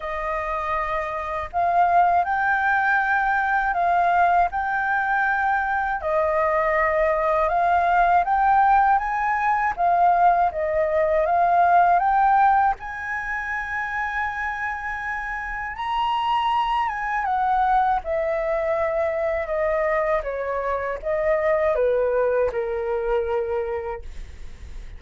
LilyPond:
\new Staff \with { instrumentName = "flute" } { \time 4/4 \tempo 4 = 80 dis''2 f''4 g''4~ | g''4 f''4 g''2 | dis''2 f''4 g''4 | gis''4 f''4 dis''4 f''4 |
g''4 gis''2.~ | gis''4 ais''4. gis''8 fis''4 | e''2 dis''4 cis''4 | dis''4 b'4 ais'2 | }